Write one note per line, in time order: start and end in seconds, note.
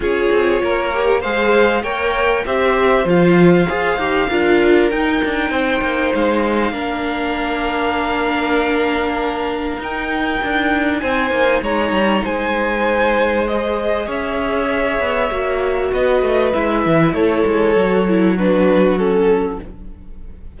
0.00 0.29 C#4
0.00 0.92 F4
0.00 0.62 G#4
0.00 1.22 C#5
0.31 0.62 C4
0.62 1.24 A#3
0.62 1.20 A#4
0.93 1.23 G4
1.20 1.83 G#3
1.20 1.84 G#4
1.20 1.82 C5
1.20 1.83 F5
1.82 2.44 A#3
1.82 2.45 A#4
1.82 2.44 C#5
1.82 2.44 G5
2.45 3.04 C4
2.45 3.05 G4
2.45 4.29 C5
2.45 3.07 E5
3.04 3.66 F3
3.04 3.66 F4
3.04 4.90 F5
3.68 3.97 F4
3.68 3.99 G#4
3.97 4.27 D#4
3.97 4.29 G4
4.29 4.91 D4
4.29 4.91 F4
4.29 5.51 A#4
4.90 5.22 D#4
4.90 6.72 D#4
4.90 6.13 G5
5.24 5.50 D4
5.50 5.80 C4
5.50 6.72 C5
5.81 6.12 A#3
6.14 6.71 G#3
6.14 9.82 F5
6.71 9.77 A#3
6.71 9.79 D4
6.71 11.01 A#4
9.78 10.39 D#4
9.78 13.47 D#4
9.78 10.99 G5
10.43 11.02 D4
10.99 11.30 C4
10.99 11.63 C5
10.99 11.60 G#5
11.30 11.61 A#3
11.61 11.91 G#3
11.61 12.24 C#5
11.61 12.25 A#5
11.91 12.21 G3
12.24 14.07 G#3
12.24 14.06 C5
12.24 13.47 G#5
13.47 15.30 G#4
13.47 14.08 D#5
14.06 14.99 C#4
14.06 15.90 C#5
14.06 15.93 E5
14.99 15.30 B3
15.30 15.92 A#3
15.30 16.53 F#4
15.92 16.22 B3
15.92 17.13 B4
15.92 16.52 D#5
16.22 16.52 A3
16.52 16.86 G#3
16.52 17.76 E4
16.52 17.14 E5
16.86 17.12 E3
17.12 17.43 A3
17.12 18.34 A4
17.12 18.36 C#5
17.45 17.75 G#3
17.75 19.59 F#3
17.75 18.07 F#4
18.07 18.38 E4
18.34 18.99 D4
18.34 19.57 F#4
18.34 18.98 B4
18.98 19.60 C#4
18.98 19.59 A4